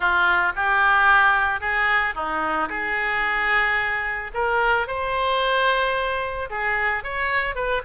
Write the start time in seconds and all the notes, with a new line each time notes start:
0.00 F4
0.55 G4
1.60 G#4
2.14 D#4
2.69 G#4
4.34 A#4
4.87 C5
6.50 G#4
7.03 C#5
7.55 B4